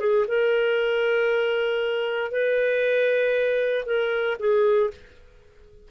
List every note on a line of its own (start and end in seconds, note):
0.00 0.26 G#4
0.28 2.31 A#4
2.31 3.85 B4
3.86 4.37 A#4
4.39 4.91 G#4